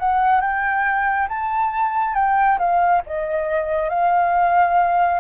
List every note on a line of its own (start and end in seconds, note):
0.00 0.42 F#5
0.42 1.28 G5
1.29 2.15 A5
2.15 2.59 G5
2.59 3.02 F5
3.07 3.90 D#5
3.90 5.20 F5